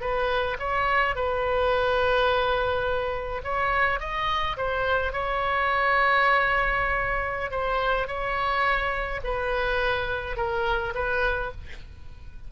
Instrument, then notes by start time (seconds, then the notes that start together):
oboe
0.00 B4
0.59 C#5
1.15 B4
3.43 C#5
4.00 D#5
4.56 C5
5.12 C#5
7.51 C5
8.07 C#5
9.23 B4
10.36 A#4
10.94 B4